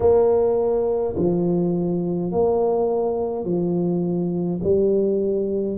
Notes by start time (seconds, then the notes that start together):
0.00 A#3
1.16 F3
2.31 A#3
3.45 F3
4.63 G3